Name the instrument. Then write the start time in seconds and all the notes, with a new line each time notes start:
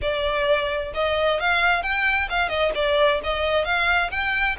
violin
0.01 D5
0.94 D#5
1.40 F5
1.82 G5
2.29 F5
2.48 D#5
2.74 D5
3.23 D#5
3.64 F5
4.10 G5